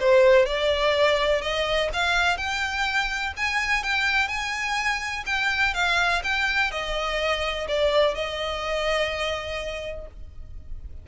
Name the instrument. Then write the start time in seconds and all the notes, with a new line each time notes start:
violin
0.00 C5
0.46 D5
1.42 D#5
1.93 F5
2.37 G5
3.37 G#5
3.83 G5
4.28 G#5
5.26 G5
5.74 F5
6.24 G5
6.71 D#5
7.68 D5
8.15 D#5